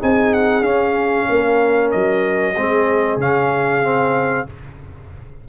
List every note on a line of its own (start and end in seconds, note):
0.00 0.62 C4
0.00 0.64 D#4
0.00 1.28 G#4
0.00 0.34 G#5
0.34 0.64 F#5
0.62 1.25 C#4
0.62 2.55 C#4
0.62 1.91 F5
1.29 1.94 A#3
1.29 2.56 A#4
1.91 2.57 F#3
1.91 3.19 D#5
2.56 3.17 G#3
2.56 3.20 C4
2.56 4.47 G#4
3.17 4.45 C#3
3.17 3.83 C#4
3.17 4.49 F5
3.83 4.47 C4